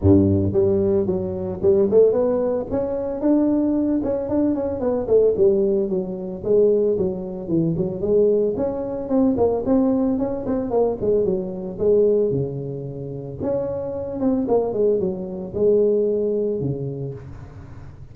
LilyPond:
\new Staff \with { instrumentName = "tuba" } { \time 4/4 \tempo 4 = 112 g,4 g4 fis4 g8 a8 | b4 cis'4 d'4. cis'8 | d'8 cis'8 b8 a8 g4 fis4 | gis4 fis4 e8 fis8 gis4 |
cis'4 c'8 ais8 c'4 cis'8 c'8 | ais8 gis8 fis4 gis4 cis4~ | cis4 cis'4. c'8 ais8 gis8 | fis4 gis2 cis4 | }